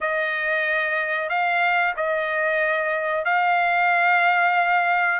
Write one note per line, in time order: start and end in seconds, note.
0.01 1.29 D#5
1.29 1.94 F5
1.96 3.25 D#5
3.25 5.19 F5